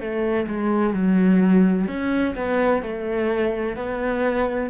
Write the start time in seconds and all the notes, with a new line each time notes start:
0.00 A3
0.48 G#3
0.93 F#3
1.88 C#4
2.35 B3
2.82 A3
3.76 B3